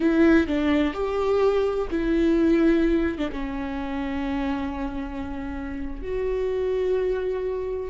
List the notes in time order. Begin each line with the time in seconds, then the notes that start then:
0.00 E4
0.47 D4
0.93 G4
1.90 E4
3.17 D4
3.32 C#4
6.02 F#4